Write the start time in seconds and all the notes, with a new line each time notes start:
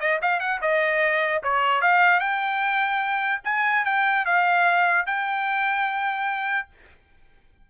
0.00 D#5
0.22 F5
0.40 F#5
0.62 D#5
1.43 C#5
1.82 F5
2.20 G5
3.45 G#5
3.85 G5
4.26 F5
5.06 G5